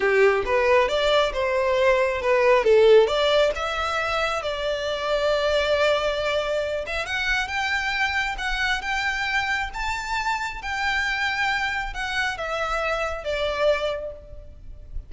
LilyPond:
\new Staff \with { instrumentName = "violin" } { \time 4/4 \tempo 4 = 136 g'4 b'4 d''4 c''4~ | c''4 b'4 a'4 d''4 | e''2 d''2~ | d''2.~ d''8 e''8 |
fis''4 g''2 fis''4 | g''2 a''2 | g''2. fis''4 | e''2 d''2 | }